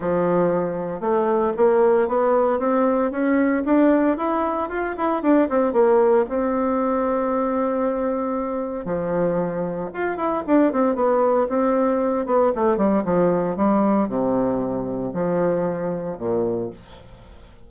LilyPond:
\new Staff \with { instrumentName = "bassoon" } { \time 4/4 \tempo 4 = 115 f2 a4 ais4 | b4 c'4 cis'4 d'4 | e'4 f'8 e'8 d'8 c'8 ais4 | c'1~ |
c'4 f2 f'8 e'8 | d'8 c'8 b4 c'4. b8 | a8 g8 f4 g4 c4~ | c4 f2 ais,4 | }